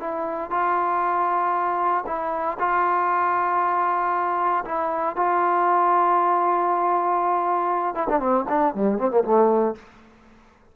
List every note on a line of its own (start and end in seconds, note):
0.00 0.50 E4
0.50 2.04 F4
2.06 2.57 E4
2.59 4.64 F4
4.65 5.16 E4
5.16 7.95 F4
7.95 8.07 E4
8.09 8.20 D4
8.20 8.45 C4
8.48 8.74 D4
8.74 8.98 G3
8.98 9.11 C4
9.11 9.24 A#3
9.24 9.75 A3